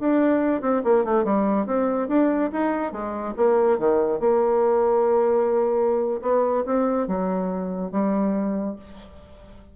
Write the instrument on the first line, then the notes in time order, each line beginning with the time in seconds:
bassoon
0.00 D4
0.61 C4
0.84 A#3
1.05 A3
1.24 G3
1.66 C4
2.08 D4
2.52 D#4
2.92 G#3
3.37 A#3
3.79 D#3
4.20 A#3
6.22 B3
6.66 C4
7.08 F#3
7.91 G3